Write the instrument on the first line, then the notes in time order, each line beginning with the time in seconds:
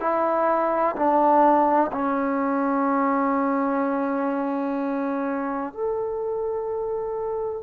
trombone
0.00 E4
0.96 D4
1.92 C#4
5.74 A4